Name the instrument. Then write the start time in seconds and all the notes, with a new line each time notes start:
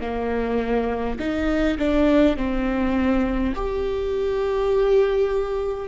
viola
0.00 A#3
1.19 D#4
1.78 D4
2.36 C4
3.55 G4